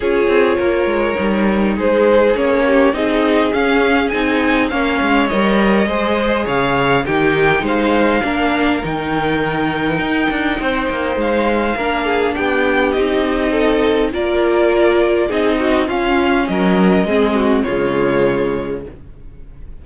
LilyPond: <<
  \new Staff \with { instrumentName = "violin" } { \time 4/4 \tempo 4 = 102 cis''2. c''4 | cis''4 dis''4 f''4 gis''4 | f''4 dis''2 f''4 | g''4 f''2 g''4~ |
g''2. f''4~ | f''4 g''4 dis''2 | d''2 dis''4 f''4 | dis''2 cis''2 | }
  \new Staff \with { instrumentName = "violin" } { \time 4/4 gis'4 ais'2 gis'4~ | gis'8 g'8 gis'2. | cis''2 c''4 cis''4 | g'4 c''4 ais'2~ |
ais'2 c''2 | ais'8 gis'8 g'2 a'4 | ais'2 gis'8 fis'8 f'4 | ais'4 gis'8 fis'8 f'2 | }
  \new Staff \with { instrumentName = "viola" } { \time 4/4 f'2 dis'2 | cis'4 dis'4 cis'4 dis'4 | cis'4 ais'4 gis'2 | dis'2 d'4 dis'4~ |
dis'1 | d'2 dis'2 | f'2 dis'4 cis'4~ | cis'4 c'4 gis2 | }
  \new Staff \with { instrumentName = "cello" } { \time 4/4 cis'8 c'8 ais8 gis8 g4 gis4 | ais4 c'4 cis'4 c'4 | ais8 gis8 g4 gis4 cis4 | dis4 gis4 ais4 dis4~ |
dis4 dis'8 d'8 c'8 ais8 gis4 | ais4 b4 c'2 | ais2 c'4 cis'4 | fis4 gis4 cis2 | }
>>